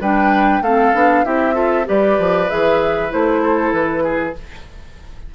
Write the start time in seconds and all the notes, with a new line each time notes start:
0.00 G3 D4 B4 G5
0.61 A3 C4 A4 F5
0.94 B3 D4
1.24 C4 E4 G4 E5
1.53 F4 A4
1.85 G3 G4 B4 D5
2.18 F3
2.49 E3 G#4 E5
3.09 A3 E4 C5
3.41 A4
3.72 E3 B4
4.03 G#4